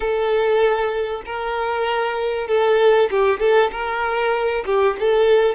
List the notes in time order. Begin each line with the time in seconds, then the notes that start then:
0.00 A4
1.25 A#4
2.47 A4
3.10 G4
3.39 A4
3.71 A#4
4.65 G4
4.99 A4